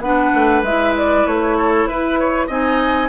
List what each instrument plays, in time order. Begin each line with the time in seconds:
0.00 bassoon B3, clarinet D4, oboe B4, flute F#5
0.35 bassoon A3
0.63 bassoon G#3, clarinet E4, flute E5
0.98 flute D5
1.27 bassoon A3, flute C#5
1.58 oboe A4
1.87 bassoon E4, flute B4, oboe B4
2.20 oboe C#5
2.48 bassoon C4, clarinet D#4, oboe D#5, flute G#5